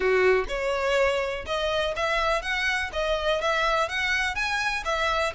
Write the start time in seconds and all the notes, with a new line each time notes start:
0.00 F#4
0.48 C#5
1.45 D#5
1.96 E5
2.42 F#5
2.93 D#5
3.41 E5
3.88 F#5
4.35 G#5
4.85 E5